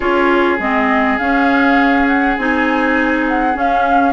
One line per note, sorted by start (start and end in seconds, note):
0.00 0.59 C#4
0.00 0.59 F4
0.00 4.12 G#4
0.00 0.56 C#5
0.59 1.18 G#3
0.59 1.19 C4
0.59 1.18 D#5
1.18 2.37 C#4
1.18 2.07 F5
2.07 2.37 F#5
2.37 3.55 C4
2.37 3.54 D#4
2.37 3.26 G#5
3.28 3.57 F#5
3.54 4.12 C#4
3.54 4.12 F5